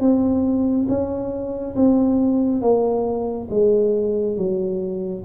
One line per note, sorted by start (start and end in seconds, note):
0.00 0.87 C4
0.89 1.75 C#4
1.75 2.61 C4
2.61 3.48 A#3
3.50 4.37 G#3
4.37 5.24 F#3